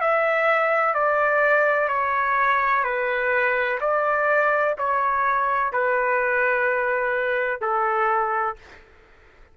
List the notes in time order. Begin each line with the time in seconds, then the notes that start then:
0.00 E5
0.94 D5
1.88 C#5
2.83 B4
3.81 D5
4.78 C#5
5.72 B4
7.61 A4